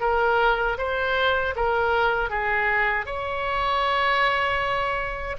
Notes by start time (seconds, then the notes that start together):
0.00 A#4
0.78 C5
1.55 A#4
2.30 G#4
3.05 C#5